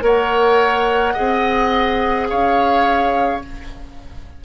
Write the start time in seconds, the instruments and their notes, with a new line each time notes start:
0.00 bassoon A#3, clarinet A#4, oboe C#5, flute F#5
1.13 bassoon C4, clarinet G#4, oboe D#5
2.28 bassoon C#4, oboe C#5, flute F5